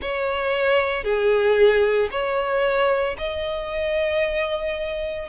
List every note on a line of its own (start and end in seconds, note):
0.01 1.04 C#5
1.04 2.09 G#4
2.11 3.16 C#5
3.18 5.28 D#5